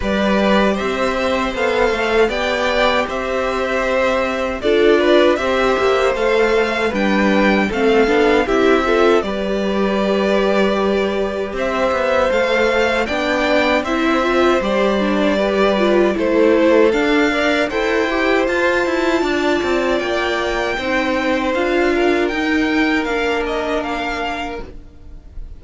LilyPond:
<<
  \new Staff \with { instrumentName = "violin" } { \time 4/4 \tempo 4 = 78 d''4 e''4 f''4 g''4 | e''2 d''4 e''4 | f''4 g''4 f''4 e''4 | d''2. e''4 |
f''4 g''4 e''4 d''4~ | d''4 c''4 f''4 g''4 | a''2 g''2 | f''4 g''4 f''8 dis''8 f''4 | }
  \new Staff \with { instrumentName = "violin" } { \time 4/4 b'4 c''2 d''4 | c''2 a'8 b'8 c''4~ | c''4 b'4 a'4 g'8 a'8 | b'2. c''4~ |
c''4 d''4 c''2 | b'4 a'4. d''8 c''4~ | c''4 d''2 c''4~ | c''8 ais'2.~ ais'8 | }
  \new Staff \with { instrumentName = "viola" } { \time 4/4 g'2 a'4 g'4~ | g'2 f'4 g'4 | a'4 d'4 c'8 d'8 e'8 f'8 | g'1 |
a'4 d'4 e'8 f'8 g'8 d'8 | g'8 f'8 e'4 d'8 ais'8 a'8 g'8 | f'2. dis'4 | f'4 dis'4 d'2 | }
  \new Staff \with { instrumentName = "cello" } { \time 4/4 g4 c'4 b8 a8 b4 | c'2 d'4 c'8 ais8 | a4 g4 a8 b8 c'4 | g2. c'8 b8 |
a4 b4 c'4 g4~ | g4 a4 d'4 e'4 | f'8 e'8 d'8 c'8 ais4 c'4 | d'4 dis'4 ais2 | }
>>